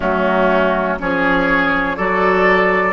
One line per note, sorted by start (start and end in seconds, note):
0.00 0.99 F#3
0.00 0.98 A3
0.00 0.98 C#4
0.00 0.97 F#4
0.99 1.98 F3
0.99 1.97 C#4
0.99 1.96 G#4
0.99 1.96 C#5
1.96 2.93 F#3
1.96 2.93 F#4
1.96 2.93 A4
1.96 2.93 D5